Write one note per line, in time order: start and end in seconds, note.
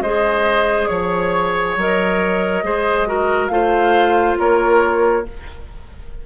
0.00 0.87 G#3
0.00 1.79 G#4
0.00 0.89 C5
0.00 0.87 D#5
0.87 1.76 F3
0.87 1.74 C#5
0.87 2.64 C#5
1.76 2.62 F#3
1.76 2.64 A#4
1.76 3.48 D#5
2.62 3.49 G#3
2.62 3.06 G#4
2.62 3.08 C5
3.06 3.50 F#4
3.06 3.51 A#4
3.48 4.36 A3
3.48 5.24 F4
3.48 4.38 C5
3.48 4.35 F5
4.38 5.25 A#3
4.38 5.25 A#4
4.38 5.26 C#5